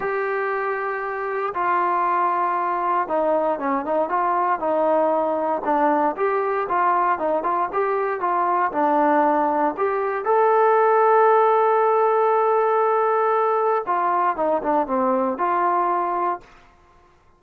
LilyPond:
\new Staff \with { instrumentName = "trombone" } { \time 4/4 \tempo 4 = 117 g'2. f'4~ | f'2 dis'4 cis'8 dis'8 | f'4 dis'2 d'4 | g'4 f'4 dis'8 f'8 g'4 |
f'4 d'2 g'4 | a'1~ | a'2. f'4 | dis'8 d'8 c'4 f'2 | }